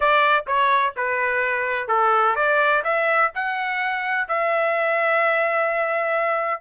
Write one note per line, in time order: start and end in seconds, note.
0.00 0.44 D5
0.47 0.94 C#5
0.96 1.88 B4
1.88 2.35 A4
2.35 2.82 D5
2.83 3.31 E5
3.34 4.28 F#5
4.28 6.60 E5